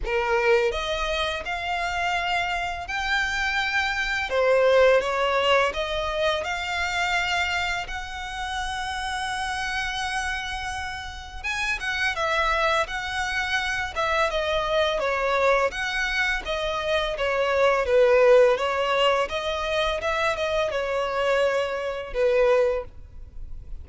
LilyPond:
\new Staff \with { instrumentName = "violin" } { \time 4/4 \tempo 4 = 84 ais'4 dis''4 f''2 | g''2 c''4 cis''4 | dis''4 f''2 fis''4~ | fis''1 |
gis''8 fis''8 e''4 fis''4. e''8 | dis''4 cis''4 fis''4 dis''4 | cis''4 b'4 cis''4 dis''4 | e''8 dis''8 cis''2 b'4 | }